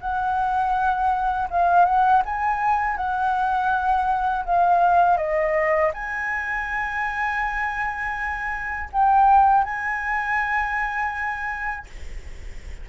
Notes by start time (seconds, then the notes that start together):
0.00 F#5
1.50 F5
1.85 F#5
2.25 G#5
2.96 F#5
4.45 F5
5.17 D#5
5.93 G#5
8.92 G5
9.64 G#5